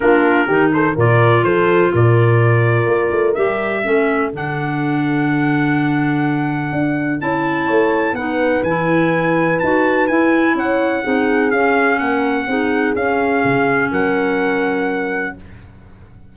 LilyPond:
<<
  \new Staff \with { instrumentName = "trumpet" } { \time 4/4 \tempo 4 = 125 ais'4. c''8 d''4 c''4 | d''2. e''4~ | e''4 fis''2.~ | fis''2. a''4~ |
a''4 fis''4 gis''2 | a''4 gis''4 fis''2 | f''4 fis''2 f''4~ | f''4 fis''2. | }
  \new Staff \with { instrumentName = "horn" } { \time 4/4 f'4 g'8 a'8 ais'4 a'4 | ais'1 | a'1~ | a'1 |
cis''4 b'2.~ | b'2 cis''4 gis'4~ | gis'4 ais'4 gis'2~ | gis'4 ais'2. | }
  \new Staff \with { instrumentName = "clarinet" } { \time 4/4 d'4 dis'4 f'2~ | f'2. g'4 | cis'4 d'2.~ | d'2. e'4~ |
e'4 dis'4 e'2 | fis'4 e'2 dis'4 | cis'2 dis'4 cis'4~ | cis'1 | }
  \new Staff \with { instrumentName = "tuba" } { \time 4/4 ais4 dis4 ais,4 f4 | ais,2 ais8 a8 g4 | a4 d2.~ | d2 d'4 cis'4 |
a4 b4 e2 | dis'4 e'4 cis'4 c'4 | cis'4 ais4 c'4 cis'4 | cis4 fis2. | }
>>